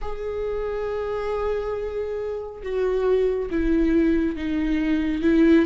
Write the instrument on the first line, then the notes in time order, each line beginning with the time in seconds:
viola
0.01 G#4
2.62 F#4
3.50 E4
4.36 D#4
5.22 E4